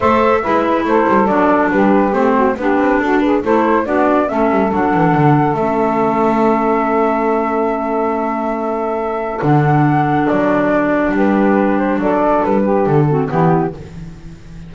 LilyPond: <<
  \new Staff \with { instrumentName = "flute" } { \time 4/4 \tempo 4 = 140 e''2 c''4 d''4 | b'4 c''4 b'4 a'8 b'8 | c''4 d''4 e''4 fis''4~ | fis''4 e''2.~ |
e''1~ | e''2 fis''2 | d''2 b'4. c''8 | d''4 b'4 a'4 g'4 | }
  \new Staff \with { instrumentName = "saxophone" } { \time 4/4 c''4 b'4 a'2 | g'4. fis'8 g'4 fis'8 gis'8 | a'4 fis'4 a'2~ | a'1~ |
a'1~ | a'1~ | a'2 g'2 | a'4. g'4 fis'8 e'4 | }
  \new Staff \with { instrumentName = "clarinet" } { \time 4/4 a'4 e'2 d'4~ | d'4 c'4 d'2 | e'4 d'4 cis'4 d'4~ | d'4 cis'2.~ |
cis'1~ | cis'2 d'2~ | d'1~ | d'2~ d'8 c'8 b4 | }
  \new Staff \with { instrumentName = "double bass" } { \time 4/4 a4 gis4 a8 g8 fis4 | g4 a4 b8 c'8 d'4 | a4 b4 a8 g8 fis8 e8 | d4 a2.~ |
a1~ | a2 d2 | fis2 g2 | fis4 g4 d4 e4 | }
>>